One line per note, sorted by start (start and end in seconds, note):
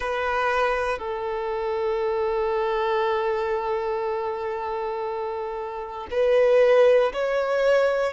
0.00 0.98 B4
0.98 6.07 A4
6.10 7.12 B4
7.13 8.13 C#5